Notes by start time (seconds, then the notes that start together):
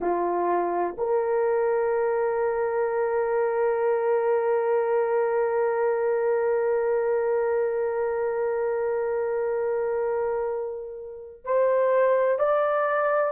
0.00 F4
0.97 A#4
11.44 C5
12.39 D5